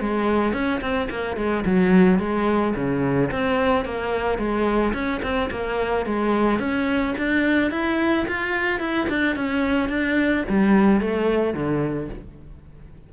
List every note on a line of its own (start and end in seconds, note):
0.00 0.53 G#3
0.53 0.81 C#4
0.81 1.08 C4
1.10 1.36 A#3
1.36 1.64 G#3
1.65 2.19 F#3
2.19 2.74 G#3
2.75 3.30 C#3
3.31 3.85 C4
3.85 4.38 A#3
4.38 4.93 G#3
4.93 5.21 C#4
5.22 5.50 C4
5.51 6.06 A#3
6.06 6.59 G#3
6.59 7.14 C#4
7.18 7.71 D4
7.71 8.26 E4
8.28 8.80 F4
8.80 9.07 E4
9.09 9.36 D4
9.36 9.89 C#4
9.89 10.44 D4
10.49 11.01 G3
11.01 11.54 A3
11.54 12.09 D3